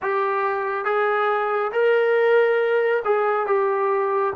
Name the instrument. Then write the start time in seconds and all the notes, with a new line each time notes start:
trombone
0.02 G4
0.85 G#4
1.72 A#4
3.04 G#4
3.46 G4